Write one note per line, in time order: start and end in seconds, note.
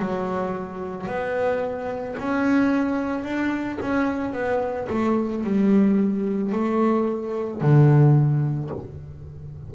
0.00 1.08 F#3
1.08 2.17 B3
2.19 3.24 C#4
3.24 3.79 D4
3.81 4.33 C#4
4.33 4.88 B3
4.90 5.44 A3
5.44 6.53 G3
6.53 7.62 A3
7.62 8.71 D3